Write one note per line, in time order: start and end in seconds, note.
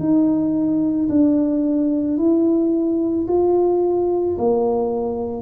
0.00 1.09 D#4
1.10 2.18 D4
2.18 3.27 E4
3.28 4.37 F4
4.38 5.42 A#3